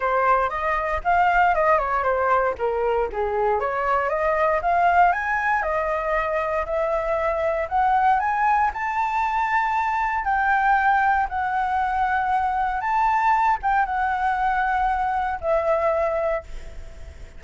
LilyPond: \new Staff \with { instrumentName = "flute" } { \time 4/4 \tempo 4 = 117 c''4 dis''4 f''4 dis''8 cis''8 | c''4 ais'4 gis'4 cis''4 | dis''4 f''4 gis''4 dis''4~ | dis''4 e''2 fis''4 |
gis''4 a''2. | g''2 fis''2~ | fis''4 a''4. g''8 fis''4~ | fis''2 e''2 | }